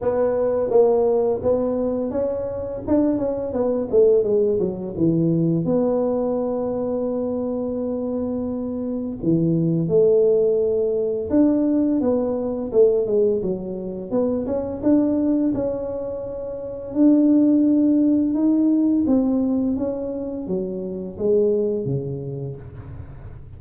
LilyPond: \new Staff \with { instrumentName = "tuba" } { \time 4/4 \tempo 4 = 85 b4 ais4 b4 cis'4 | d'8 cis'8 b8 a8 gis8 fis8 e4 | b1~ | b4 e4 a2 |
d'4 b4 a8 gis8 fis4 | b8 cis'8 d'4 cis'2 | d'2 dis'4 c'4 | cis'4 fis4 gis4 cis4 | }